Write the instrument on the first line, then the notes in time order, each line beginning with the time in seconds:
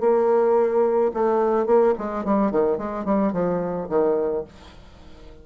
bassoon
0.00 A#3
1.14 A3
1.66 A#3
1.98 G#3
2.24 G3
2.51 D#3
2.78 G#3
3.05 G3
3.32 F3
3.89 D#3